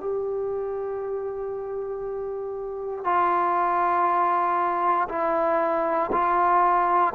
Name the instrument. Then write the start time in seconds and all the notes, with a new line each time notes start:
trombone
0.00 G4
3.04 F4
5.09 E4
6.12 F4